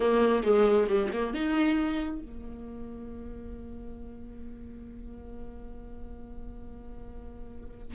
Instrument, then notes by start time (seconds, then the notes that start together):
viola
0.00 A#3
0.43 G#3
0.88 G3
1.12 A#3
1.34 D#4
2.22 A#3